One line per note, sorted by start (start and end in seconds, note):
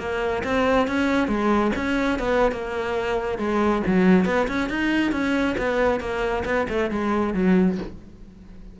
0.00 0.44 A#3
0.44 0.88 C4
0.88 1.28 C#4
1.28 1.72 G#3
1.76 2.20 C#4
2.20 2.52 B3
2.52 3.39 A#3
3.39 3.83 G#3
3.87 4.26 F#3
4.26 4.48 B3
4.48 4.70 C#4
4.70 5.12 D#4
5.12 5.56 C#4
5.58 6.01 B3
6.01 6.44 A#3
6.46 6.67 B3
6.69 6.91 A3
6.91 7.34 G#3
7.34 7.78 F#3